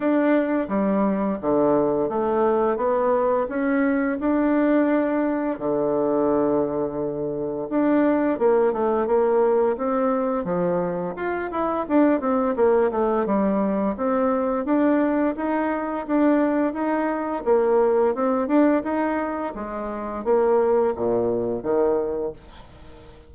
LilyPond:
\new Staff \with { instrumentName = "bassoon" } { \time 4/4 \tempo 4 = 86 d'4 g4 d4 a4 | b4 cis'4 d'2 | d2. d'4 | ais8 a8 ais4 c'4 f4 |
f'8 e'8 d'8 c'8 ais8 a8 g4 | c'4 d'4 dis'4 d'4 | dis'4 ais4 c'8 d'8 dis'4 | gis4 ais4 ais,4 dis4 | }